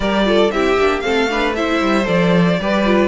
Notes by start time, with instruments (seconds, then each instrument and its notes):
0.00 cello G3, viola G4, violin A#4 D5
0.25 viola F4, violin A4
0.51 cello C4, viola E4, violin G4 E5
0.78 cello A#3, viola D4
1.00 viola C4, violin A4 F5
1.06 cello A3
1.29 viola D4, violin B4
1.55 viola E4, violin C5 E5
1.80 cello G3
2.04 cello F3, viola A4, violin D5
2.59 cello G3, viola G4, violin B4
2.85 viola F4